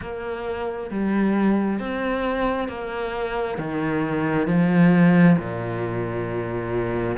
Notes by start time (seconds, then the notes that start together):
0.01 A#3
0.90 G3
1.79 C4
2.68 A#3
3.57 D#3
4.47 F3
5.37 A#2